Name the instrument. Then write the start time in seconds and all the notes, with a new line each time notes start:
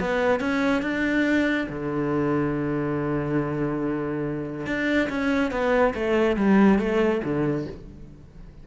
cello
0.00 B3
0.40 C#4
0.82 D4
1.69 D3
4.66 D4
5.09 C#4
5.51 B3
5.94 A3
6.36 G3
6.79 A3
7.24 D3